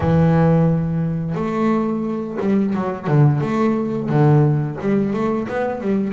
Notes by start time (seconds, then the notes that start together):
0.00 E3
1.35 A3
2.40 G3
2.75 F#3
3.07 D3
3.41 A3
4.09 D3
4.81 G3
5.13 A3
5.48 B3
5.80 G3